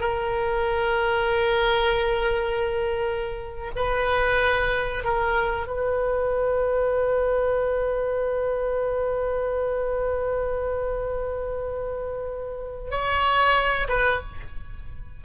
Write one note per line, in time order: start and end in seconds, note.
0.00 3.71 A#4
3.76 5.04 B4
5.04 5.67 A#4
5.67 12.91 B4
12.91 13.88 C#5
13.89 14.21 B4